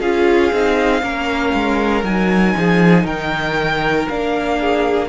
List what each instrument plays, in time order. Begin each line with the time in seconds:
0.00 cello C#4, viola F4, violin G#4 F5
0.52 cello C4, viola D#4
1.02 cello A#3, viola C#4, violin A#4
1.53 cello G#3
2.03 cello F#3, viola D#4, violin G#5
2.57 cello F3, violin G#4
3.03 cello D#3, violin A#4 G5
4.08 cello A#3, viola D4, violin F5
4.60 violin G#4